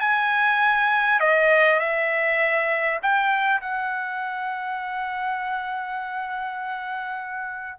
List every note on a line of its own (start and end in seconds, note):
0.00 1.20 G#5
1.20 1.80 D#5
1.80 3.00 E5
3.03 3.61 G5
3.61 7.79 F#5